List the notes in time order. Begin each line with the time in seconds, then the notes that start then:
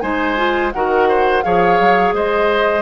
0.00 G#3 D#4 C5 G#5
0.36 F4
0.72 D#3 F#4 A#4 F#5
1.09 C5
1.42 F3 G#4 C#5 F5
1.80 F#3
2.13 G#3 C5 D#5